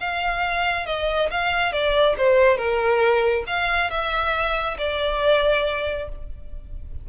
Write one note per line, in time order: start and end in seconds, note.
0.00 0.86 F5
0.86 1.29 D#5
1.30 1.72 F5
1.72 2.15 D5
2.17 2.57 C5
2.57 3.44 A#4
3.46 3.90 F5
3.90 4.77 E5
4.78 6.08 D5